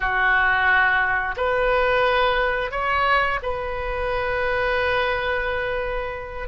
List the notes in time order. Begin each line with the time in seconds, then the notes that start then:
0.00 F#4
1.36 B4
2.71 C#5
3.42 B4